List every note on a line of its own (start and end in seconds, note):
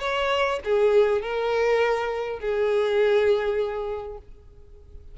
0.00 0.59 C#5
0.64 1.22 G#4
1.22 2.40 A#4
2.40 4.18 G#4